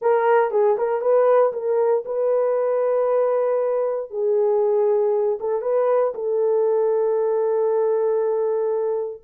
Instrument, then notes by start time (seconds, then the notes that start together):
horn
0.01 A#4
0.50 G#4
0.77 A#4
1.01 B4
1.52 A#4
2.05 B4
4.10 G#4
5.40 A4
5.61 B4
6.14 A4